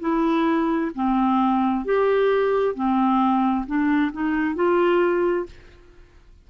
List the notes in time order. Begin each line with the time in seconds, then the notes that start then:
0.00 E4
0.95 C4
1.85 G4
2.75 C4
3.66 D4
4.12 D#4
4.55 F4